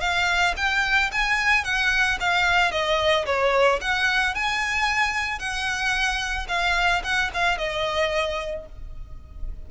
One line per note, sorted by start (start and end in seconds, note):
0.00 0.54 F5
0.56 1.10 G5
1.11 1.64 G#5
1.64 2.18 F#5
2.20 2.71 F5
2.71 3.25 D#5
3.25 3.79 C#5
3.81 4.34 F#5
4.34 5.39 G#5
5.39 6.47 F#5
6.48 7.02 F5
7.03 7.30 F#5
7.33 7.57 F5
7.57 8.66 D#5